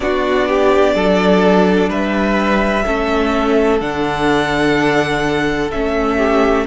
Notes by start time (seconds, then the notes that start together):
0.00 B3 D4 F#4 D5
0.47 G4
0.94 F#3 A4
1.88 G3 B4 E5
2.84 A3 C#4 A4
3.80 D3 D4 F#5
5.71 A3 C#4 E5
6.16 G4